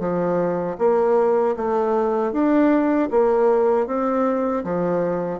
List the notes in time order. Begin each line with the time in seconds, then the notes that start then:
0.00 F3
0.79 A#3
1.57 A3
2.33 D4
3.11 A#3
3.87 C4
4.64 F3